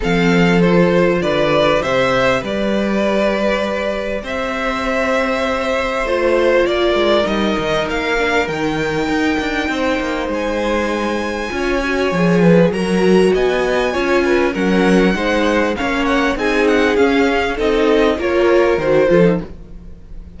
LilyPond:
<<
  \new Staff \with { instrumentName = "violin" } { \time 4/4 \tempo 4 = 99 f''4 c''4 d''4 e''4 | d''2. e''4~ | e''2 c''4 d''4 | dis''4 f''4 g''2~ |
g''4 gis''2.~ | gis''4 ais''4 gis''2 | fis''2 f''8 fis''8 gis''8 fis''8 | f''4 dis''4 cis''4 c''4 | }
  \new Staff \with { instrumentName = "violin" } { \time 4/4 a'2 b'4 c''4 | b'2. c''4~ | c''2. ais'4~ | ais'1 |
c''2. cis''4~ | cis''8 b'8 ais'4 dis''4 cis''8 b'8 | ais'4 c''4 cis''4 gis'4~ | gis'4 a'4 ais'4. a'8 | }
  \new Staff \with { instrumentName = "viola" } { \time 4/4 c'4 f'2 g'4~ | g'1~ | g'2 f'2 | dis'4. d'8 dis'2~ |
dis'2. f'8 fis'8 | gis'4 fis'2 f'4 | cis'4 dis'4 cis'4 dis'4 | cis'4 dis'4 f'4 fis'8 f'16 dis'16 | }
  \new Staff \with { instrumentName = "cello" } { \time 4/4 f2 d4 c4 | g2. c'4~ | c'2 a4 ais8 gis8 | g8 dis8 ais4 dis4 dis'8 d'8 |
c'8 ais8 gis2 cis'4 | f4 fis4 b4 cis'4 | fis4 gis4 ais4 c'4 | cis'4 c'4 ais4 dis8 f8 | }
>>